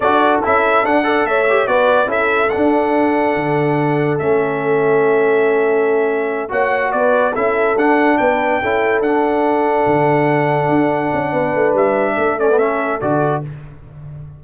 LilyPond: <<
  \new Staff \with { instrumentName = "trumpet" } { \time 4/4 \tempo 4 = 143 d''4 e''4 fis''4 e''4 | d''4 e''4 fis''2~ | fis''2 e''2~ | e''2.~ e''8 fis''8~ |
fis''8 d''4 e''4 fis''4 g''8~ | g''4. fis''2~ fis''8~ | fis''1 | e''4. d''8 e''4 d''4 | }
  \new Staff \with { instrumentName = "horn" } { \time 4/4 a'2~ a'8 d''8 cis''4 | b'4 a'2.~ | a'1~ | a'2.~ a'8 cis''8~ |
cis''8 b'4 a'2 b'8~ | b'8 a'2.~ a'8~ | a'2. b'4~ | b'4 a'2. | }
  \new Staff \with { instrumentName = "trombone" } { \time 4/4 fis'4 e'4 d'8 a'4 g'8 | fis'4 e'4 d'2~ | d'2 cis'2~ | cis'2.~ cis'8 fis'8~ |
fis'4. e'4 d'4.~ | d'8 e'4 d'2~ d'8~ | d'1~ | d'4. cis'16 b16 cis'4 fis'4 | }
  \new Staff \with { instrumentName = "tuba" } { \time 4/4 d'4 cis'4 d'4 a4 | b4 cis'4 d'2 | d2 a2~ | a2.~ a8 ais8~ |
ais8 b4 cis'4 d'4 b8~ | b8 cis'4 d'2 d8~ | d4. d'4 cis'8 b8 a8 | g4 a2 d4 | }
>>